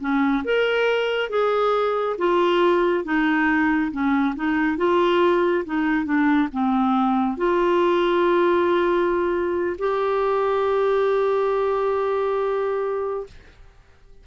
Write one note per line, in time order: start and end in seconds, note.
0.00 0.43 C#4
0.45 1.29 A#4
1.29 2.16 G#4
2.18 3.04 F4
3.04 3.91 D#4
3.91 4.35 C#4
4.36 4.77 D#4
4.77 5.64 F4
5.65 6.05 D#4
6.05 6.49 D4
6.52 7.37 C4
7.37 9.76 F4
9.78 13.26 G4